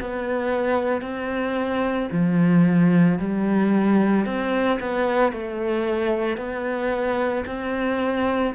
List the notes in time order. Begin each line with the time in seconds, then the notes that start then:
0.00 B3
1.01 C4
2.11 F3
3.19 G3
4.26 C4
4.80 B3
5.32 A3
6.37 B3
7.46 C4